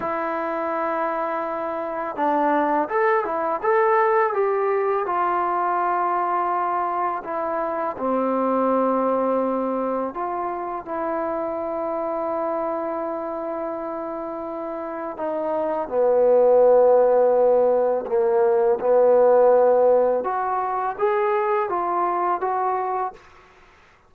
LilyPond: \new Staff \with { instrumentName = "trombone" } { \time 4/4 \tempo 4 = 83 e'2. d'4 | a'8 e'8 a'4 g'4 f'4~ | f'2 e'4 c'4~ | c'2 f'4 e'4~ |
e'1~ | e'4 dis'4 b2~ | b4 ais4 b2 | fis'4 gis'4 f'4 fis'4 | }